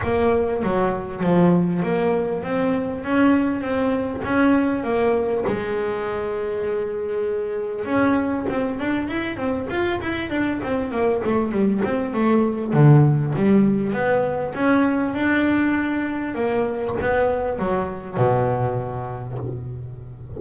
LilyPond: \new Staff \with { instrumentName = "double bass" } { \time 4/4 \tempo 4 = 99 ais4 fis4 f4 ais4 | c'4 cis'4 c'4 cis'4 | ais4 gis2.~ | gis4 cis'4 c'8 d'8 e'8 c'8 |
f'8 e'8 d'8 c'8 ais8 a8 g8 c'8 | a4 d4 g4 b4 | cis'4 d'2 ais4 | b4 fis4 b,2 | }